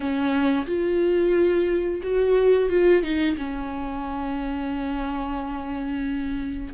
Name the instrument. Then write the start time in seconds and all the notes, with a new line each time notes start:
viola
0.00 C#4
0.66 F4
2.02 F#4
2.69 F4
3.02 D#4
3.37 C#4